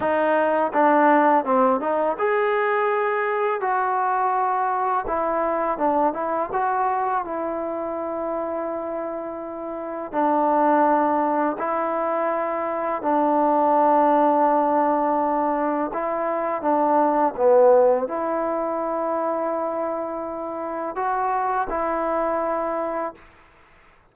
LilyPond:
\new Staff \with { instrumentName = "trombone" } { \time 4/4 \tempo 4 = 83 dis'4 d'4 c'8 dis'8 gis'4~ | gis'4 fis'2 e'4 | d'8 e'8 fis'4 e'2~ | e'2 d'2 |
e'2 d'2~ | d'2 e'4 d'4 | b4 e'2.~ | e'4 fis'4 e'2 | }